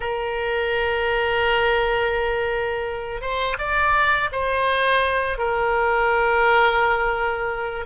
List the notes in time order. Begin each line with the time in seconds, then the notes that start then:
0.00 A#4
3.21 C5
3.58 D5
4.32 C5
5.37 A#4